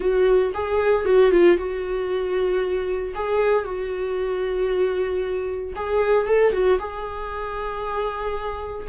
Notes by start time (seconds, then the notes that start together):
0.00 F#4
0.54 G#4
1.05 F#4
1.31 F4
1.57 F#4
3.14 G#4
3.65 F#4
5.75 G#4
6.27 A4
6.52 F#4
6.79 G#4